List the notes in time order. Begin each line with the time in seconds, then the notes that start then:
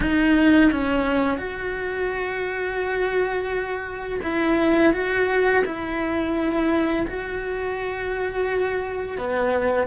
0.00 D#4
0.71 C#4
1.37 F#4
4.23 E4
4.93 F#4
5.65 E4
7.07 F#4
9.17 B3